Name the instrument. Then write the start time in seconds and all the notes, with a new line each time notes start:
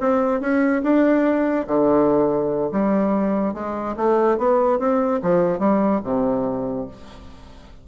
bassoon
0.00 C4
0.41 C#4
0.83 D4
1.67 D3
2.71 G3
3.54 G#3
3.96 A3
4.38 B3
4.79 C4
5.22 F3
5.59 G3
6.04 C3